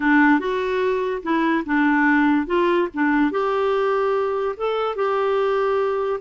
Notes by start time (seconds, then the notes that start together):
0.00 D4
0.39 F#4
1.22 E4
1.65 D4
2.46 F4
2.94 D4
3.31 G4
4.56 A4
4.95 G4